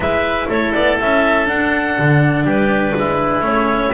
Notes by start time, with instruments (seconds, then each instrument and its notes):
0.00 double bass G#3, cello E4, oboe B4, clarinet E5
0.48 double bass A3, oboe A4, clarinet C#5
0.73 double bass B3, clarinet D5
1.00 double bass C#4, clarinet E5
1.45 cello D4, double bass D4, clarinet F#5
1.98 double bass D3
2.43 double bass G3, oboe G4, clarinet B4
2.96 double bass G#3, oboe E4
3.40 double bass A3, cello C#4, clarinet C#5